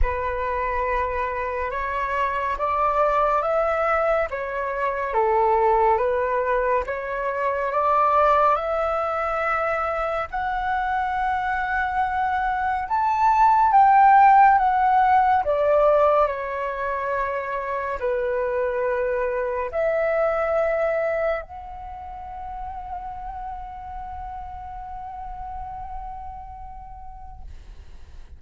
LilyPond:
\new Staff \with { instrumentName = "flute" } { \time 4/4 \tempo 4 = 70 b'2 cis''4 d''4 | e''4 cis''4 a'4 b'4 | cis''4 d''4 e''2 | fis''2. a''4 |
g''4 fis''4 d''4 cis''4~ | cis''4 b'2 e''4~ | e''4 fis''2.~ | fis''1 | }